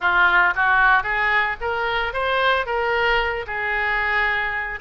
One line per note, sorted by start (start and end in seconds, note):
0.00 0.54 F4
0.55 1.03 F#4
1.03 1.56 G#4
1.60 2.13 A#4
2.13 2.65 C5
2.65 3.45 A#4
3.47 4.79 G#4